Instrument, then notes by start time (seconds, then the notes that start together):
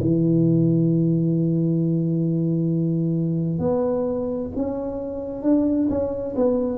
tuba
0.00 E3
3.59 B3
4.56 C#4
5.42 D4
5.89 C#4
6.36 B3